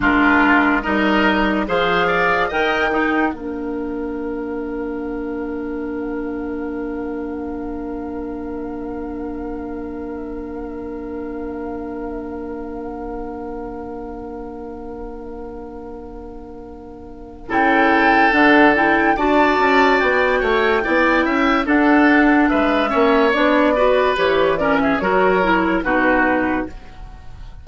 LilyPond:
<<
  \new Staff \with { instrumentName = "flute" } { \time 4/4 \tempo 4 = 72 ais'4 dis''4 f''4 g''4 | f''1~ | f''1~ | f''1~ |
f''1~ | f''4 g''4 fis''8 g''8 a''4 | g''2 fis''4 e''4 | d''4 cis''8 d''16 e''16 cis''4 b'4 | }
  \new Staff \with { instrumentName = "oboe" } { \time 4/4 f'4 ais'4 c''8 d''8 dis''8 dis'8 | ais'1~ | ais'1~ | ais'1~ |
ais'1~ | ais'4 a'2 d''4~ | d''8 cis''8 d''8 e''8 a'4 b'8 cis''8~ | cis''8 b'4 ais'16 gis'16 ais'4 fis'4 | }
  \new Staff \with { instrumentName = "clarinet" } { \time 4/4 d'4 dis'4 gis'4 ais'8 dis'8 | d'1~ | d'1~ | d'1~ |
d'1~ | d'4 e'4 d'8 e'8 fis'4~ | fis'4 e'4 d'4. cis'8 | d'8 fis'8 g'8 cis'8 fis'8 e'8 dis'4 | }
  \new Staff \with { instrumentName = "bassoon" } { \time 4/4 gis4 g4 f4 dis4 | ais1~ | ais1~ | ais1~ |
ais1~ | ais4 cis4 d4 d'8 cis'8 | b8 a8 b8 cis'8 d'4 gis8 ais8 | b4 e4 fis4 b,4 | }
>>